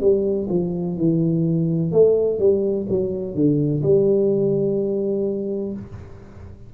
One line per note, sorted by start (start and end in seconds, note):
0.00 0.48 G3
0.49 0.97 F3
0.97 1.92 E3
1.92 2.39 A3
2.39 2.87 G3
2.89 3.35 F#3
3.35 3.82 D3
3.83 5.73 G3